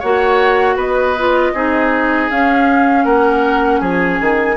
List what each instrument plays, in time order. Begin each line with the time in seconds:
0.00 bassoon A#3, clarinet F#4, oboe C#5, flute F#5
0.76 bassoon B3, oboe B4, flute D#5
1.18 clarinet F4
1.54 bassoon C4, clarinet D#4, oboe G#4
2.30 clarinet C#4, bassoon C#4, flute F5
3.04 bassoon A#3, oboe A#4, flute F#5
3.80 bassoon F3, oboe G#4, flute G#5
4.21 bassoon D#3